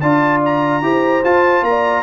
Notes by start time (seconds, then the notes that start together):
0.00 D4 F4 D5 A5
0.45 A#5
0.82 E4 G4 C5
1.24 F4 A5
1.62 A#3 D5 A#5